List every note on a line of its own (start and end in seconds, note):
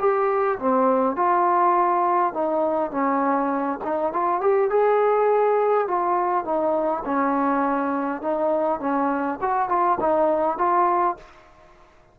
0.00 0.59 G4
0.59 1.17 C4
1.17 2.34 F4
2.34 2.91 D#4
2.91 3.80 C#4
3.84 4.13 D#4
4.13 4.41 F4
4.41 4.70 G4
4.70 5.88 G#4
5.88 6.45 F4
6.45 7.04 D#4
7.05 8.22 C#4
8.22 8.80 D#4
8.80 9.39 C#4
9.41 9.69 F#4
9.69 9.99 F4
10.00 10.58 D#4
10.58 11.17 F4